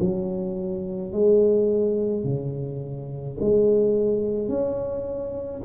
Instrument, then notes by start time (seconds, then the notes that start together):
tuba
0.00 F#3
1.12 G#3
2.24 C#3
3.40 G#3
4.48 C#4